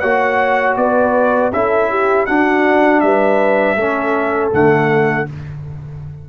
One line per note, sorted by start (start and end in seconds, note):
0.00 0.77 A#3
0.00 1.53 F#4
0.00 0.77 C#5
0.00 0.75 F#5
0.77 1.52 B3
0.77 1.54 B4
0.77 1.52 D5
1.53 2.28 C#4
1.53 2.28 E4
1.53 1.90 A4
1.53 2.26 E5
1.90 2.27 G4
2.26 3.78 D4
2.26 3.02 D4
2.26 3.02 F#4
2.26 3.00 F#5
3.00 3.76 G3
3.00 3.78 B4
3.00 4.50 E5
3.76 4.51 A3
3.76 4.52 C#4
3.76 5.28 A4
4.52 5.29 D3
4.52 5.27 A3
4.52 5.29 F#5